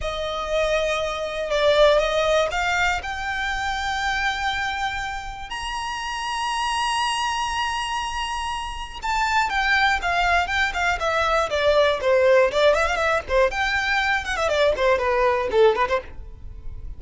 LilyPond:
\new Staff \with { instrumentName = "violin" } { \time 4/4 \tempo 4 = 120 dis''2. d''4 | dis''4 f''4 g''2~ | g''2. ais''4~ | ais''1~ |
ais''2 a''4 g''4 | f''4 g''8 f''8 e''4 d''4 | c''4 d''8 e''16 f''16 e''8 c''8 g''4~ | g''8 fis''16 e''16 d''8 c''8 b'4 a'8 b'16 c''16 | }